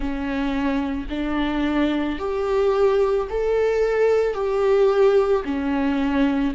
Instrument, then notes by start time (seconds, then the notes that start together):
viola
0.00 C#4
1.09 D4
2.18 G4
3.29 A4
4.33 G4
5.44 C#4